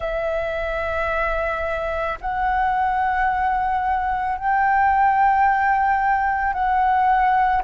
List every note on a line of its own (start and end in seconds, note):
0.00 2.18 E5
2.20 4.37 F#5
4.37 6.53 G5
6.53 7.62 F#5